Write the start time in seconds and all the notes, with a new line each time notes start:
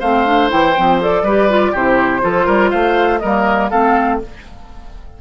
0.00 A3 C4 C5 F5
0.26 D4
0.50 E3 E4 G5
0.77 F3 C4
1.02 A4 D5
1.23 G3 G4 B4
1.50 F4
1.72 C3 E4 G4 C5
2.21 F3 F4 A4
2.46 G3 A#4
2.70 A3 C5 F5
3.19 G3 A#3 A#4 D#5
3.70 A3 C4 A4 F5